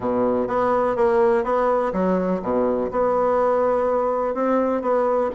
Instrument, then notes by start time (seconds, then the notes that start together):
bassoon
0.00 B2
0.47 B3
0.96 A#3
1.44 B3
1.92 F#3
2.41 B2
2.91 B3
4.34 C4
4.81 B3